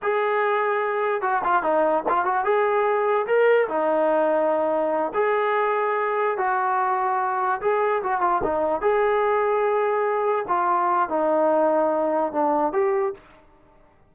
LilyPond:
\new Staff \with { instrumentName = "trombone" } { \time 4/4 \tempo 4 = 146 gis'2. fis'8 f'8 | dis'4 f'8 fis'8 gis'2 | ais'4 dis'2.~ | dis'8 gis'2. fis'8~ |
fis'2~ fis'8 gis'4 fis'8 | f'8 dis'4 gis'2~ gis'8~ | gis'4. f'4. dis'4~ | dis'2 d'4 g'4 | }